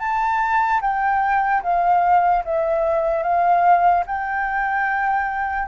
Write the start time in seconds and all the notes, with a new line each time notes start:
0.00 A5
0.82 G5
1.63 F5
2.45 E5
3.23 F5
4.07 G5